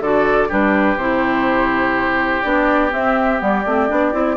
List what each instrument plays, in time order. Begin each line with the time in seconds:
0.00 bassoon D3, clarinet F#4, oboe A4, flute D5
0.48 bassoon G3, clarinet D4, oboe G4, flute B4
0.96 bassoon C3, clarinet E4, flute C5
2.42 bassoon B3, clarinet D4, flute D5
2.90 clarinet C4, bassoon C4, flute E5
3.38 bassoon G3, clarinet B3, flute D5
3.65 bassoon A3, clarinet C4
3.88 bassoon B3, clarinet D4
4.12 bassoon C4, clarinet E4